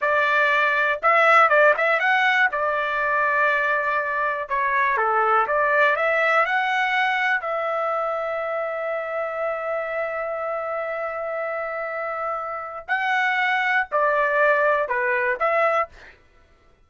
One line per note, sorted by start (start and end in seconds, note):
0.01 1.00 D5
1.02 1.49 E5
1.49 1.74 D5
1.77 1.99 E5
1.99 2.49 F#5
2.51 4.48 D5
4.48 4.97 C#5
4.97 5.46 A4
5.47 5.95 D5
5.95 6.45 E5
6.45 7.40 F#5
7.40 12.86 E5
12.88 13.87 F#5
13.91 14.88 D5
14.88 15.38 B4
15.39 15.89 E5